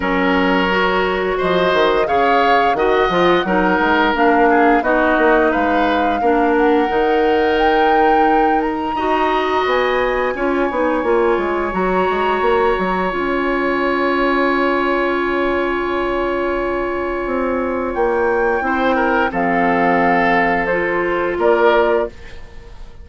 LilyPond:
<<
  \new Staff \with { instrumentName = "flute" } { \time 4/4 \tempo 4 = 87 cis''2 dis''4 f''4 | fis''2 f''4 dis''4 | f''4. fis''4. g''4~ | g''8 ais''4. gis''2~ |
gis''4 ais''2 gis''4~ | gis''1~ | gis''2 g''2 | f''2 c''4 d''4 | }
  \new Staff \with { instrumentName = "oboe" } { \time 4/4 ais'2 c''4 cis''4 | dis''4 ais'4. gis'8 fis'4 | b'4 ais'2.~ | ais'4 dis''2 cis''4~ |
cis''1~ | cis''1~ | cis''2. c''8 ais'8 | a'2. ais'4 | }
  \new Staff \with { instrumentName = "clarinet" } { \time 4/4 cis'4 fis'2 gis'4 | fis'8 f'8 dis'4 d'4 dis'4~ | dis'4 d'4 dis'2~ | dis'4 fis'2 f'8 dis'8 |
f'4 fis'2 f'4~ | f'1~ | f'2. e'4 | c'2 f'2 | }
  \new Staff \with { instrumentName = "bassoon" } { \time 4/4 fis2 f8 dis8 cis4 | dis8 f8 fis8 gis8 ais4 b8 ais8 | gis4 ais4 dis2~ | dis4 dis'4 b4 cis'8 b8 |
ais8 gis8 fis8 gis8 ais8 fis8 cis'4~ | cis'1~ | cis'4 c'4 ais4 c'4 | f2. ais4 | }
>>